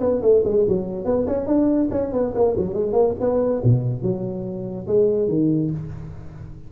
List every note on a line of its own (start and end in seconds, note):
0.00 0.21 B3
0.22 0.43 A3
0.44 0.65 G#3
0.68 1.05 F#3
1.05 1.26 B3
1.27 1.46 C#4
1.46 1.89 D4
1.91 2.12 C#4
2.12 2.33 B3
2.34 2.55 A#3
2.57 2.74 F#3
2.74 2.92 G#3
2.92 3.13 A#3
3.20 3.62 B3
3.64 4.02 B2
4.02 4.86 F#3
4.87 5.28 G#3
5.28 5.70 D#3